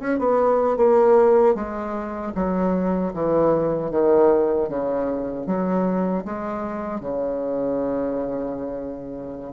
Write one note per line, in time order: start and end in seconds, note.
0.00 0.19 C#4
0.19 0.77 B3
0.77 1.55 A#3
1.55 2.33 G#3
2.35 3.13 F#3
3.14 3.91 E3
3.91 4.69 D#3
4.69 5.47 C#3
5.47 6.25 F#3
6.25 7.01 G#3
7.01 9.53 C#3